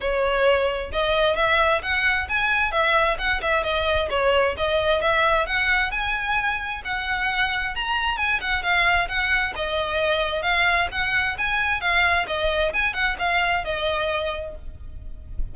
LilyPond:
\new Staff \with { instrumentName = "violin" } { \time 4/4 \tempo 4 = 132 cis''2 dis''4 e''4 | fis''4 gis''4 e''4 fis''8 e''8 | dis''4 cis''4 dis''4 e''4 | fis''4 gis''2 fis''4~ |
fis''4 ais''4 gis''8 fis''8 f''4 | fis''4 dis''2 f''4 | fis''4 gis''4 f''4 dis''4 | gis''8 fis''8 f''4 dis''2 | }